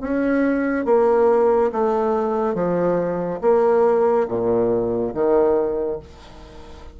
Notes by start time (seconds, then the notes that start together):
0.00 C#4
0.85 A#3
1.72 A3
2.54 F3
3.41 A#3
4.27 A#2
5.14 D#3